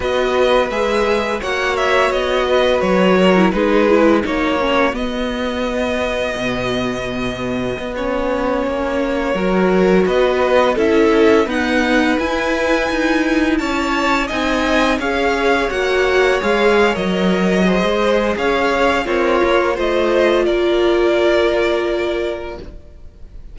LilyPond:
<<
  \new Staff \with { instrumentName = "violin" } { \time 4/4 \tempo 4 = 85 dis''4 e''4 fis''8 e''8 dis''4 | cis''4 b'4 cis''4 dis''4~ | dis''2.~ dis''16 cis''8.~ | cis''2~ cis''16 dis''4 e''8.~ |
e''16 fis''4 gis''2 a''8.~ | a''16 gis''4 f''4 fis''4 f''8. | dis''2 f''4 cis''4 | dis''4 d''2. | }
  \new Staff \with { instrumentName = "violin" } { \time 4/4 b'2 cis''4. b'8~ | b'8 ais'8 gis'4 fis'2~ | fis'1~ | fis'4~ fis'16 ais'4 b'4 a'8.~ |
a'16 b'2. cis''8.~ | cis''16 dis''4 cis''2~ cis''8.~ | cis''4 c''4 cis''4 f'4 | c''4 ais'2. | }
  \new Staff \with { instrumentName = "viola" } { \time 4/4 fis'4 gis'4 fis'2~ | fis'8. e'16 dis'8 e'8 dis'8 cis'8 b4~ | b2.~ b16 cis'8.~ | cis'4~ cis'16 fis'2 e'8.~ |
e'16 b4 e'2~ e'8.~ | e'16 dis'4 gis'4 fis'4 gis'8. | ais'4 gis'2 ais'4 | f'1 | }
  \new Staff \with { instrumentName = "cello" } { \time 4/4 b4 gis4 ais4 b4 | fis4 gis4 ais4 b4~ | b4 b,2 b4~ | b16 ais4 fis4 b4 cis'8.~ |
cis'16 dis'4 e'4 dis'4 cis'8.~ | cis'16 c'4 cis'4 ais4 gis8. | fis4~ fis16 gis8. cis'4 c'8 ais8 | a4 ais2. | }
>>